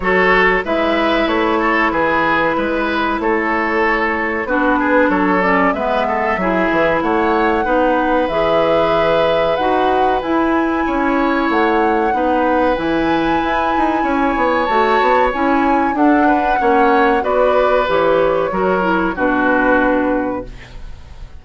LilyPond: <<
  \new Staff \with { instrumentName = "flute" } { \time 4/4 \tempo 4 = 94 cis''4 e''4 cis''4 b'4~ | b'4 cis''2 b'4 | cis''8 d''8 e''2 fis''4~ | fis''4 e''2 fis''4 |
gis''2 fis''2 | gis''2. a''4 | gis''4 fis''2 d''4 | cis''2 b'2 | }
  \new Staff \with { instrumentName = "oboe" } { \time 4/4 a'4 b'4. a'8 gis'4 | b'4 a'2 fis'8 gis'8 | a'4 b'8 a'8 gis'4 cis''4 | b'1~ |
b'4 cis''2 b'4~ | b'2 cis''2~ | cis''4 a'8 b'8 cis''4 b'4~ | b'4 ais'4 fis'2 | }
  \new Staff \with { instrumentName = "clarinet" } { \time 4/4 fis'4 e'2.~ | e'2. d'4~ | d'8 cis'8 b4 e'2 | dis'4 gis'2 fis'4 |
e'2. dis'4 | e'2. fis'4 | e'4 d'4 cis'4 fis'4 | g'4 fis'8 e'8 d'2 | }
  \new Staff \with { instrumentName = "bassoon" } { \time 4/4 fis4 gis4 a4 e4 | gis4 a2 b4 | fis4 gis4 fis8 e8 a4 | b4 e2 dis'4 |
e'4 cis'4 a4 b4 | e4 e'8 dis'8 cis'8 b8 a8 b8 | cis'4 d'4 ais4 b4 | e4 fis4 b,2 | }
>>